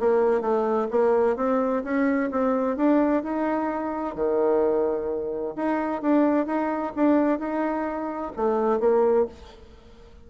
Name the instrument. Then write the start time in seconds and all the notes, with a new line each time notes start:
bassoon
0.00 A#3
0.41 A3
0.91 A#3
1.36 C4
1.84 C#4
2.31 C4
2.77 D4
3.23 D#4
4.15 D#3
5.56 D#4
6.02 D4
6.46 D#4
6.96 D4
7.39 D#4
8.37 A3
8.80 A#3